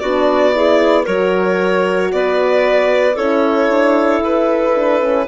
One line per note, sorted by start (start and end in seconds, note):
0.00 1.07 B3
0.00 0.52 D4
0.00 0.54 F#4
0.00 1.05 D5
0.52 1.04 E4
0.52 1.05 G#4
1.05 2.12 F#3
1.05 3.15 F#4
1.05 2.10 A#4
1.05 2.12 C#5
2.12 3.17 B3
2.12 3.16 B4
2.12 3.17 D5
3.16 3.70 C#4
3.16 4.75 E4
3.16 5.26 A4
3.16 4.22 C#5
3.70 4.22 D4
4.22 5.27 E4
4.22 5.29 B4
4.76 5.01 D4
5.01 5.28 C#4